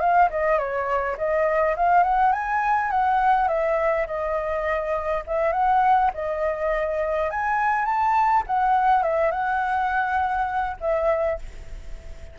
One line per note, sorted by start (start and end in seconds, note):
0.00 0.29 F5
0.30 0.58 D#5
0.58 1.17 C#5
1.18 1.76 D#5
1.77 2.03 F5
2.03 2.32 F#5
2.32 2.90 G#5
2.90 3.48 F#5
3.48 4.06 E5
4.07 5.23 D#5
5.27 5.52 E5
5.52 6.11 F#5
6.14 7.30 D#5
7.30 7.85 G#5
7.85 8.43 A5
8.47 9.03 F#5
9.03 9.31 E5
9.31 10.77 F#5
10.80 11.39 E5